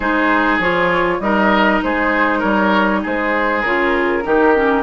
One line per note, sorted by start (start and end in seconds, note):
0.00 0.58 G#3
0.00 0.61 D#4
0.00 1.18 G#4
0.00 0.58 C5
0.58 1.19 F3
0.58 1.21 F4
0.58 1.20 C#5
1.19 1.80 G3
1.19 3.64 D#4
1.19 1.83 A#4
1.19 1.80 D#5
1.83 2.43 G#3
1.83 2.39 G#4
1.83 2.41 C5
2.39 3.03 G3
2.39 2.99 A#4
2.39 3.01 C#5
3.03 3.63 G#3
3.03 4.24 G#4
3.03 3.61 C5
3.61 4.24 C#3
3.61 4.23 F4
3.61 4.82 A#4
4.23 4.83 D#3
4.23 4.53 D#4
4.23 4.83 G4
4.55 4.83 C#4